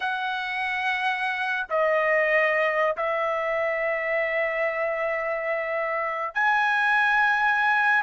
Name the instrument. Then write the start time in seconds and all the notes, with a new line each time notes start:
trumpet
0.00 F#5
1.69 D#5
2.97 E5
6.34 G#5